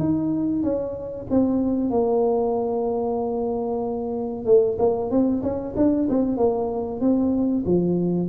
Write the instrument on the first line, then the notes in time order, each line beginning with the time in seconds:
tuba
0.00 D#4
0.63 C#4
1.31 C4
1.90 A#3
4.46 A3
4.79 A#3
5.11 C4
5.43 C#4
5.76 D4
6.10 C4
6.37 A#3
7.01 C4
7.66 F3